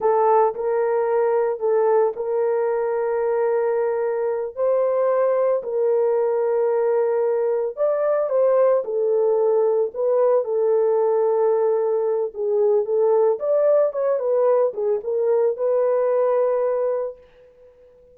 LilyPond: \new Staff \with { instrumentName = "horn" } { \time 4/4 \tempo 4 = 112 a'4 ais'2 a'4 | ais'1~ | ais'8 c''2 ais'4.~ | ais'2~ ais'8 d''4 c''8~ |
c''8 a'2 b'4 a'8~ | a'2. gis'4 | a'4 d''4 cis''8 b'4 gis'8 | ais'4 b'2. | }